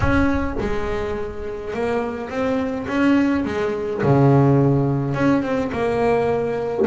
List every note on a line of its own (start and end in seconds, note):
0.00 0.54 C#4
0.60 1.74 G#3
1.74 2.29 A#3
2.29 2.86 C4
2.87 3.44 C#4
3.44 4.02 G#3
4.02 5.14 C#3
5.14 5.42 C#4
5.42 5.71 C4
5.71 6.86 A#3